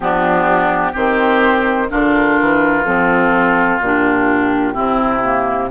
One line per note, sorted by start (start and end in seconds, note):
0.00 0.93 F3
0.00 0.94 B3
0.00 0.92 D4
0.00 0.94 G4
0.92 1.90 D#3
0.92 1.89 C4
0.92 1.87 G4
0.92 1.90 C5
1.89 2.39 D3
1.89 2.84 D4
1.89 4.73 F4
1.89 2.85 A#4
2.40 2.86 E3
2.85 3.79 F3
2.85 3.81 C4
2.85 3.80 A4
3.79 4.74 A#2
3.79 4.74 D4
3.79 5.71 G4
4.73 5.71 C3
4.73 5.21 C4
4.73 5.68 E4
5.23 5.70 A#3